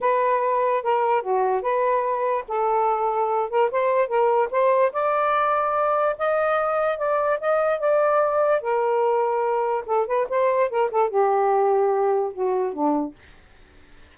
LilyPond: \new Staff \with { instrumentName = "saxophone" } { \time 4/4 \tempo 4 = 146 b'2 ais'4 fis'4 | b'2 a'2~ | a'8 ais'8 c''4 ais'4 c''4 | d''2. dis''4~ |
dis''4 d''4 dis''4 d''4~ | d''4 ais'2. | a'8 b'8 c''4 ais'8 a'8 g'4~ | g'2 fis'4 d'4 | }